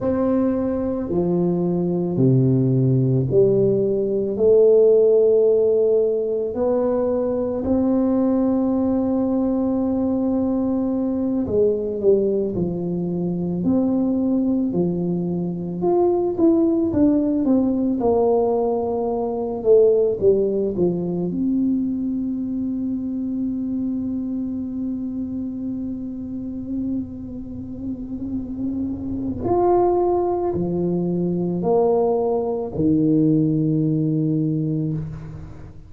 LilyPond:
\new Staff \with { instrumentName = "tuba" } { \time 4/4 \tempo 4 = 55 c'4 f4 c4 g4 | a2 b4 c'4~ | c'2~ c'8 gis8 g8 f8~ | f8 c'4 f4 f'8 e'8 d'8 |
c'8 ais4. a8 g8 f8 c'8~ | c'1~ | c'2. f'4 | f4 ais4 dis2 | }